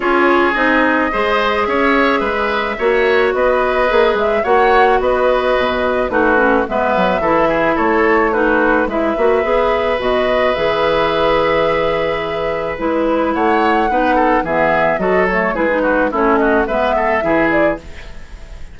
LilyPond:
<<
  \new Staff \with { instrumentName = "flute" } { \time 4/4 \tempo 4 = 108 cis''4 dis''2 e''4~ | e''2 dis''4. e''8 | fis''4 dis''2 b'4 | e''2 cis''4 b'4 |
e''2 dis''4 e''4~ | e''2. b'4 | fis''2 e''4 dis''8 cis''8 | b'4 cis''8 dis''8 e''4. d''8 | }
  \new Staff \with { instrumentName = "oboe" } { \time 4/4 gis'2 c''4 cis''4 | b'4 cis''4 b'2 | cis''4 b'2 fis'4 | b'4 a'8 gis'8 a'4 fis'4 |
b'1~ | b'1 | cis''4 b'8 a'8 gis'4 a'4 | gis'8 fis'8 e'8 fis'8 b'8 a'8 gis'4 | }
  \new Staff \with { instrumentName = "clarinet" } { \time 4/4 f'4 dis'4 gis'2~ | gis'4 fis'2 gis'4 | fis'2. dis'8 cis'8 | b4 e'2 dis'4 |
e'8 fis'8 gis'4 fis'4 gis'4~ | gis'2. e'4~ | e'4 dis'4 b4 fis'8 a8 | e'16 dis'8. cis'4 b4 e'4 | }
  \new Staff \with { instrumentName = "bassoon" } { \time 4/4 cis'4 c'4 gis4 cis'4 | gis4 ais4 b4 ais8 gis8 | ais4 b4 b,4 a4 | gis8 fis8 e4 a2 |
gis8 ais8 b4 b,4 e4~ | e2. gis4 | a4 b4 e4 fis4 | gis4 a4 gis4 e4 | }
>>